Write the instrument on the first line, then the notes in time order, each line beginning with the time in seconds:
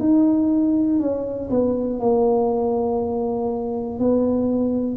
tuba
0.00 D#4
1.00 C#4
1.50 B3
2.00 A#3
4.00 B3